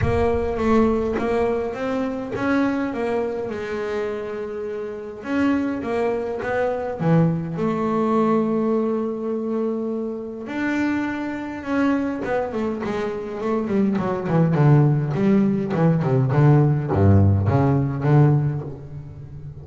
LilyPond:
\new Staff \with { instrumentName = "double bass" } { \time 4/4 \tempo 4 = 103 ais4 a4 ais4 c'4 | cis'4 ais4 gis2~ | gis4 cis'4 ais4 b4 | e4 a2.~ |
a2 d'2 | cis'4 b8 a8 gis4 a8 g8 | fis8 e8 d4 g4 e8 c8 | d4 g,4 cis4 d4 | }